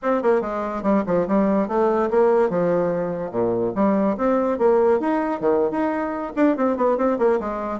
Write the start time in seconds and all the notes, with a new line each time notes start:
0.02 C4
0.22 A#3
0.41 G#3
0.82 G3
1.06 F3
1.27 G3
1.67 A3
2.10 A#3
2.49 F3
3.31 A#2
3.75 G3
4.17 C4
4.58 A#3
5.00 D#4
5.40 D#3
5.70 D#4
6.36 D4
6.57 C4
6.76 B3
6.97 C4
7.18 A#3
7.39 G#3